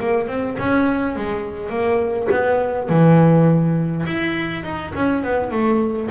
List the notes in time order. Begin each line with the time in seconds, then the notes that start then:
0.00 A#3
0.28 C4
0.59 C#4
1.16 G#3
1.69 A#3
2.31 B3
2.89 E3
4.06 E4
4.63 D#4
4.95 C#4
5.23 B3
5.51 A3